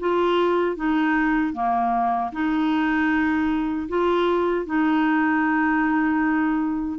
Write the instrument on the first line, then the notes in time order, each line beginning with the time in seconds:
clarinet
0.00 F4
0.77 D#4
1.54 A#3
2.33 D#4
3.89 F4
4.66 D#4